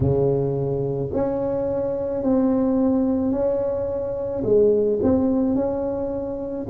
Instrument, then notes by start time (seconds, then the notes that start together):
tuba
0.00 C#3
1.13 C#4
2.23 C4
3.31 C#4
4.44 G#3
5.02 C4
5.55 C#4